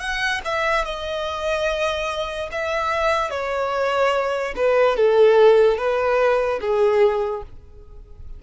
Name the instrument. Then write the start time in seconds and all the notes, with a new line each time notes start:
violin
0.00 F#5
0.45 E5
0.85 D#5
2.52 E5
3.31 C#5
4.56 B4
4.97 A4
5.78 B4
6.61 G#4